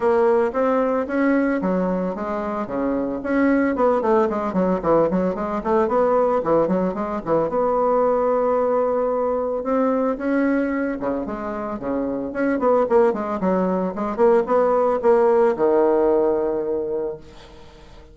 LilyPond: \new Staff \with { instrumentName = "bassoon" } { \time 4/4 \tempo 4 = 112 ais4 c'4 cis'4 fis4 | gis4 cis4 cis'4 b8 a8 | gis8 fis8 e8 fis8 gis8 a8 b4 | e8 fis8 gis8 e8 b2~ |
b2 c'4 cis'4~ | cis'8 cis8 gis4 cis4 cis'8 b8 | ais8 gis8 fis4 gis8 ais8 b4 | ais4 dis2. | }